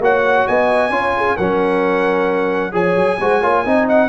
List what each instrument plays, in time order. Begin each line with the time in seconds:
0.00 tuba A#3, trombone F#4, horn C#5, trumpet F#5
0.47 tuba B3, horn D#5, trumpet G#5
0.90 tuba C#4, trombone F4, horn C#5
1.17 horn G#4
1.36 tuba F#3, trombone C#4, horn A#4, trumpet F#5
2.72 tuba F3, trombone G#4, horn C#5, trumpet G#5
2.96 tuba F#3
3.20 tuba G#3, trombone F#4, horn C5
3.41 tuba A#3, trombone F4, horn C#5
3.66 tuba C4, trombone D#4, horn D#5
3.89 trumpet F#5